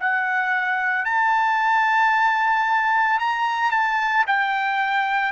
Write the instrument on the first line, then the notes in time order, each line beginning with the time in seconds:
trumpet
0.00 F#5
1.06 A5
3.20 A#5
3.72 A5
4.27 G5